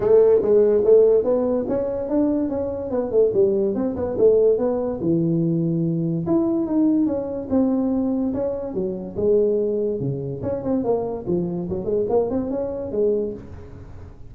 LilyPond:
\new Staff \with { instrumentName = "tuba" } { \time 4/4 \tempo 4 = 144 a4 gis4 a4 b4 | cis'4 d'4 cis'4 b8 a8 | g4 c'8 b8 a4 b4 | e2. e'4 |
dis'4 cis'4 c'2 | cis'4 fis4 gis2 | cis4 cis'8 c'8 ais4 f4 | fis8 gis8 ais8 c'8 cis'4 gis4 | }